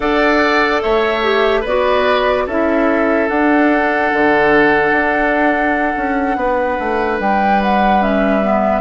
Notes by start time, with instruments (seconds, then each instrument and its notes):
0.00 bassoon D4, clarinet A4, oboe D5, flute F#5
0.81 bassoon A3, oboe C#5, flute E5
1.22 clarinet G4
1.60 bassoon B3, oboe B4, flute D5
1.67 clarinet F#4
2.46 bassoon C#4, clarinet E4, oboe A4, flute E5
3.28 bassoon D4, clarinet D4, flute F#5
4.12 bassoon D3
4.91 bassoon D4
5.96 bassoon C#4
6.36 bassoon B3, oboe B4
6.79 bassoon A3
7.19 bassoon G3, flute G5
7.62 flute F#5
8.00 clarinet C#4, flute E5
8.42 clarinet B3